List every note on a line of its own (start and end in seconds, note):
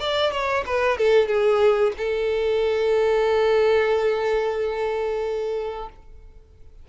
0.00 0.32 D5
0.32 0.64 C#5
0.66 0.98 B4
0.98 1.28 A4
1.28 1.93 G#4
1.98 5.89 A4